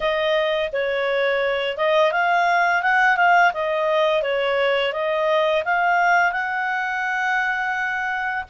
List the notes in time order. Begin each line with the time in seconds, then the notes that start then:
0.00 D#5
0.72 C#5
1.76 D#5
2.12 F5
2.82 F#5
3.16 F5
3.53 D#5
4.22 C#5
4.92 D#5
5.65 F5
6.32 F#5